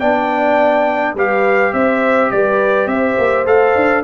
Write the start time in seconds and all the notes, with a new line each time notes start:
0.00 B3 D4 D5 G5
1.15 G3 G4 B4 F5
1.74 C4 C5 E5
2.32 G3 B4 D5
2.87 C4 C5 E5
3.19 A#3
3.47 A3 A4 F5
3.76 D4